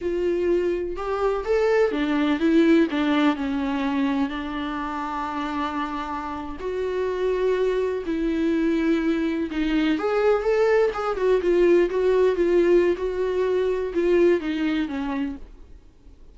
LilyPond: \new Staff \with { instrumentName = "viola" } { \time 4/4 \tempo 4 = 125 f'2 g'4 a'4 | d'4 e'4 d'4 cis'4~ | cis'4 d'2.~ | d'4.~ d'16 fis'2~ fis'16~ |
fis'8. e'2. dis'16~ | dis'8. gis'4 a'4 gis'8 fis'8 f'16~ | f'8. fis'4 f'4~ f'16 fis'4~ | fis'4 f'4 dis'4 cis'4 | }